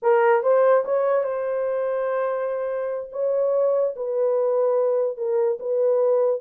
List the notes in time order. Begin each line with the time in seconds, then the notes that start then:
0.02 A#4
0.43 C5
0.84 C#5
1.23 C5
3.12 C#5
3.96 B4
5.17 A#4
5.59 B4